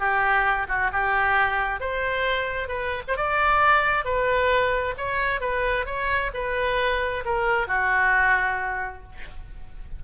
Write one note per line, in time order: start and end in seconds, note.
0.00 0.68 G4
0.69 0.91 F#4
0.93 1.81 G4
1.81 2.69 C5
2.69 3.02 B4
3.08 3.17 C5
3.17 4.05 D5
4.05 4.95 B4
4.98 5.41 C#5
5.41 5.86 B4
5.86 6.31 C#5
6.34 7.24 B4
7.25 7.68 A#4
7.68 9.03 F#4